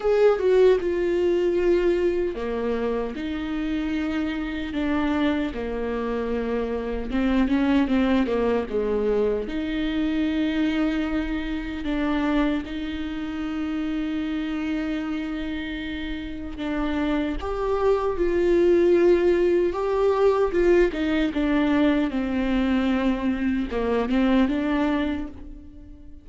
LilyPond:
\new Staff \with { instrumentName = "viola" } { \time 4/4 \tempo 4 = 76 gis'8 fis'8 f'2 ais4 | dis'2 d'4 ais4~ | ais4 c'8 cis'8 c'8 ais8 gis4 | dis'2. d'4 |
dis'1~ | dis'4 d'4 g'4 f'4~ | f'4 g'4 f'8 dis'8 d'4 | c'2 ais8 c'8 d'4 | }